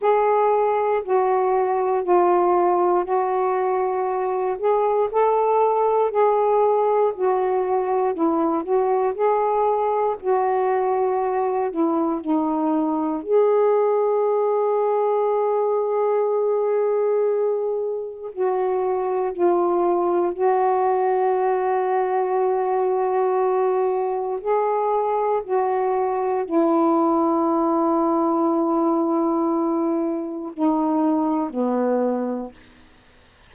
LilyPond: \new Staff \with { instrumentName = "saxophone" } { \time 4/4 \tempo 4 = 59 gis'4 fis'4 f'4 fis'4~ | fis'8 gis'8 a'4 gis'4 fis'4 | e'8 fis'8 gis'4 fis'4. e'8 | dis'4 gis'2.~ |
gis'2 fis'4 f'4 | fis'1 | gis'4 fis'4 e'2~ | e'2 dis'4 b4 | }